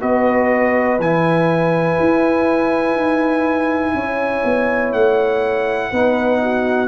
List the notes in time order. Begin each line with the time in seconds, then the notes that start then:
0.00 B3 F#4 B4 D#5
0.99 E3 E4 G#5
1.99 E4
2.95 D#4
3.94 C#4 C#5
4.44 B3
4.93 A3 F#5
5.91 B3 D#4 B4
6.42 F#4